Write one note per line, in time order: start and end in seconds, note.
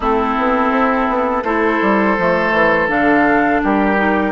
0.00 0.35 A3
0.00 1.45 C4
0.00 1.43 E4
0.00 1.44 A4
0.37 0.70 B3
0.70 1.07 C4
1.09 1.43 B3
1.43 1.79 A3
1.43 2.17 E4
1.43 3.61 A4
1.43 2.88 C5
1.81 2.17 G3
2.18 2.52 F3
2.18 2.88 A3
2.52 2.88 E3
2.88 3.61 D3
2.88 3.96 D4
2.88 3.61 F5
3.63 4.32 G3
3.63 4.32 G4
3.63 4.32 A#4
3.96 4.32 D#4